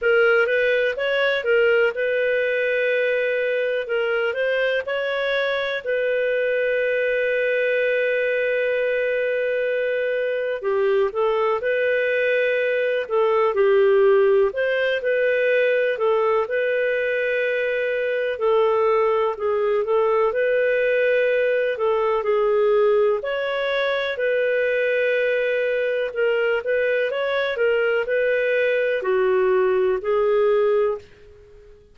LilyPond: \new Staff \with { instrumentName = "clarinet" } { \time 4/4 \tempo 4 = 62 ais'8 b'8 cis''8 ais'8 b'2 | ais'8 c''8 cis''4 b'2~ | b'2. g'8 a'8 | b'4. a'8 g'4 c''8 b'8~ |
b'8 a'8 b'2 a'4 | gis'8 a'8 b'4. a'8 gis'4 | cis''4 b'2 ais'8 b'8 | cis''8 ais'8 b'4 fis'4 gis'4 | }